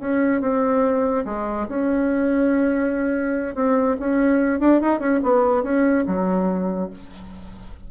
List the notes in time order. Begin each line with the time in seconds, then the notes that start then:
0.00 C#4
0.41 C4
1.25 G#3
1.69 C#4
3.55 C4
3.99 C#4
4.60 D4
4.81 D#4
4.99 C#4
5.23 B3
5.63 C#4
6.07 F#3